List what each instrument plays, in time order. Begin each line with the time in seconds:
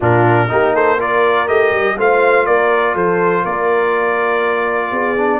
0.00 tuba A#2, trombone D4, horn F4, trumpet A#4
0.48 tuba A#3, trombone D#4, horn G4
0.74 horn A4, trumpet C5
0.97 trombone F4, horn A#4, trumpet D5
1.47 tuba A3, trombone G4, trumpet D#5
1.71 tuba G3
1.98 tuba A3, trombone F4, horn C5, trumpet F5
2.46 tuba A#3, horn A#4, trumpet D5
2.94 tuba F3, horn A4, trumpet C5
3.42 tuba A#3, horn A#4, trumpet D5
4.91 tuba B3, horn G#4
5.17 trombone D4